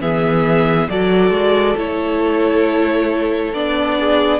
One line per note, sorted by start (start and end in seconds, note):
0.00 0.89 E3
0.00 0.89 B3
0.00 0.88 G#4
0.00 0.89 E5
0.89 1.30 F#3
0.89 1.76 F#4
0.89 3.98 A4
0.89 1.77 D5
1.30 1.74 G#3
1.76 3.53 A3
1.76 3.53 E4
1.76 3.53 C#5
3.53 4.40 B3
3.53 4.40 D4
3.53 4.40 D5
3.99 4.40 G#4